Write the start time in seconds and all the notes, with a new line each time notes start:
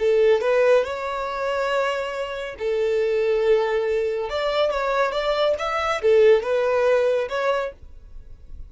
0.00 A4
0.42 B4
0.85 C#5
2.59 A4
4.30 D5
4.71 C#5
5.12 D5
5.59 E5
6.02 A4
6.43 B4
7.30 C#5